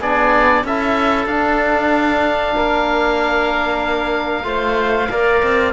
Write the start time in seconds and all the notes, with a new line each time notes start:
0.00 B3 D4 G#4 D5
0.64 C#4 E4 A4 E5
1.26 D4 F5
2.56 A#3 A#4
4.44 A3 F4 C5
5.10 A#3 A#4 D5
5.43 C4